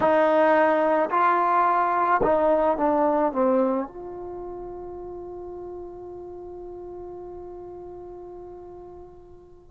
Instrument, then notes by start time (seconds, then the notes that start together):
trombone
0.00 D#4
1.10 F4
2.22 D#4
2.77 D4
3.32 C4
3.87 F4